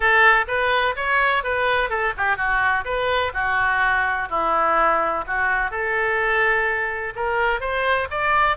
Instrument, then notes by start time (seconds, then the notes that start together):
oboe
0.00 A4
0.47 B4
0.95 C#5
1.43 B4
1.89 A4
2.17 G4
2.36 F#4
2.84 B4
3.33 F#4
4.29 E4
5.26 F#4
5.70 A4
7.15 A#4
7.60 C5
8.10 D5